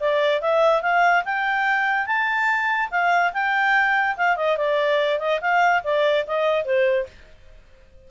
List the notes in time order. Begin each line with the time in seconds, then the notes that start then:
0.00 D5
0.41 E5
0.82 F5
1.25 G5
2.07 A5
2.91 F5
3.33 G5
4.17 F5
4.37 D#5
4.58 D5
5.20 D#5
5.41 F5
5.84 D5
6.27 D#5
6.65 C5